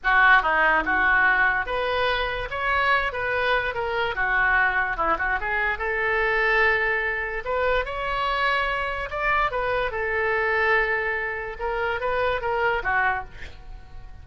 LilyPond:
\new Staff \with { instrumentName = "oboe" } { \time 4/4 \tempo 4 = 145 fis'4 dis'4 fis'2 | b'2 cis''4. b'8~ | b'4 ais'4 fis'2 | e'8 fis'8 gis'4 a'2~ |
a'2 b'4 cis''4~ | cis''2 d''4 b'4 | a'1 | ais'4 b'4 ais'4 fis'4 | }